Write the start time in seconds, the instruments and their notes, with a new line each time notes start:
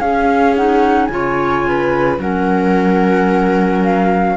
0.00 cello C#4, clarinet C#4, viola G#4, flute F5
0.56 clarinet D#4, flute F#5
1.06 cello C#3, clarinet F4, flute G#5
1.13 viola C#5
1.67 viola B4
2.19 cello F#3, clarinet C#4, viola A#4, flute F#5
3.84 flute F5